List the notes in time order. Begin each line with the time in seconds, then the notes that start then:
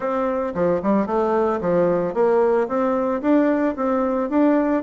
0.00 C4
0.54 F3
0.82 G3
1.06 A3
1.60 F3
2.14 A#3
2.67 C4
3.21 D4
3.76 C4
4.29 D4